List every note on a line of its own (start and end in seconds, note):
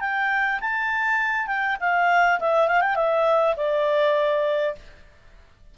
0.00 0.59 G5
0.60 1.47 A5
1.47 1.76 G5
1.80 2.39 F5
2.39 2.67 E5
2.67 2.81 F5
2.81 2.95 G5
2.95 3.55 E5
3.56 4.75 D5